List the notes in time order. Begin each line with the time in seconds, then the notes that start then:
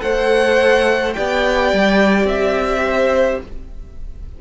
0.00 A3 A4 C5 F#5
1.13 B3 G4 D5 G5
1.73 G3
2.25 C4 E5
2.85 C5